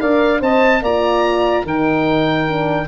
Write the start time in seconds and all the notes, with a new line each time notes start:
0.00 D4 A#4 D5 F5
0.40 C4 C5 D#5 A5
0.82 A#3 F4 D5 A#5
1.64 D#3 D#4 A#4 G5
2.48 D4